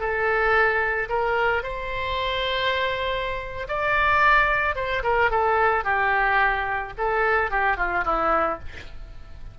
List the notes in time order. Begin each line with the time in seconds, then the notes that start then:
0.00 A4
1.09 A#4
1.63 C5
3.68 D5
4.76 C5
5.03 A#4
5.31 A4
5.84 G4
6.98 A4
7.51 G4
7.77 F4
8.05 E4